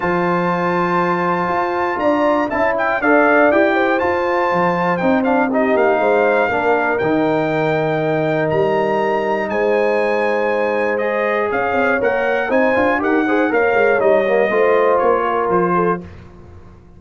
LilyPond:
<<
  \new Staff \with { instrumentName = "trumpet" } { \time 4/4 \tempo 4 = 120 a''1 | ais''4 a''8 g''8 f''4 g''4 | a''2 g''8 f''8 dis''8 f''8~ | f''2 g''2~ |
g''4 ais''2 gis''4~ | gis''2 dis''4 f''4 | fis''4 gis''4 fis''4 f''4 | dis''2 cis''4 c''4 | }
  \new Staff \with { instrumentName = "horn" } { \time 4/4 c''1 | d''4 e''4 d''4. c''8~ | c''2. g'4 | c''4 ais'2.~ |
ais'2. c''4~ | c''2. cis''4~ | cis''4 c''4 ais'8 c''8 cis''4~ | cis''4 c''4. ais'4 a'8 | }
  \new Staff \with { instrumentName = "trombone" } { \time 4/4 f'1~ | f'4 e'4 a'4 g'4 | f'2 dis'8 d'8 dis'4~ | dis'4 d'4 dis'2~ |
dis'1~ | dis'2 gis'2 | ais'4 dis'8 f'8 g'8 gis'8 ais'4 | dis'8 ais8 f'2. | }
  \new Staff \with { instrumentName = "tuba" } { \time 4/4 f2. f'4 | d'4 cis'4 d'4 e'4 | f'4 f4 c'4. ais8 | gis4 ais4 dis2~ |
dis4 g2 gis4~ | gis2. cis'8 c'8 | ais4 c'8 d'8 dis'4 ais8 gis8 | g4 a4 ais4 f4 | }
>>